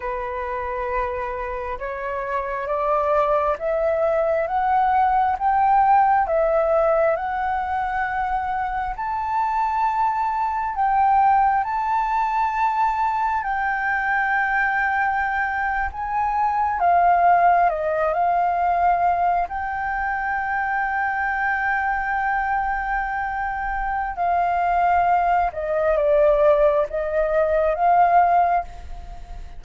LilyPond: \new Staff \with { instrumentName = "flute" } { \time 4/4 \tempo 4 = 67 b'2 cis''4 d''4 | e''4 fis''4 g''4 e''4 | fis''2 a''2 | g''4 a''2 g''4~ |
g''4.~ g''16 gis''4 f''4 dis''16~ | dis''16 f''4. g''2~ g''16~ | g''2. f''4~ | f''8 dis''8 d''4 dis''4 f''4 | }